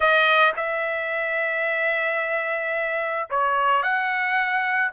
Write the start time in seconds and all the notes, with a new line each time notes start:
0.00 D#5
0.56 E5
3.30 C#5
3.82 F#5